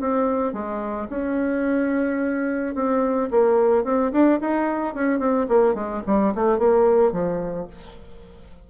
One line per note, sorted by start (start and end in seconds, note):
0.00 0.53 C4
0.53 1.08 G#3
1.10 2.75 C#4
2.75 3.30 C4
3.31 3.84 A#3
3.84 4.12 C4
4.12 4.40 D4
4.40 4.94 D#4
4.94 5.19 C#4
5.19 5.47 C4
5.48 5.74 A#3
5.74 6.02 G#3
6.07 6.34 G3
6.35 6.58 A3
6.58 7.12 A#3
7.12 7.67 F3